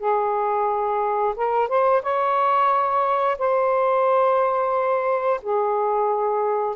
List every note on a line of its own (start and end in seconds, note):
0.00 1.35 G#4
1.36 1.69 A#4
1.69 2.03 C5
2.03 3.38 C#5
3.39 5.41 C5
5.43 6.76 G#4